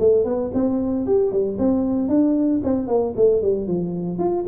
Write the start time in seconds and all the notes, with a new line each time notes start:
0.00 A3
0.25 B3
0.54 C4
1.07 G4
1.32 G3
1.59 C4
2.09 D4
2.64 C4
2.88 A#3
3.17 A3
3.42 G3
3.68 F3
4.19 F4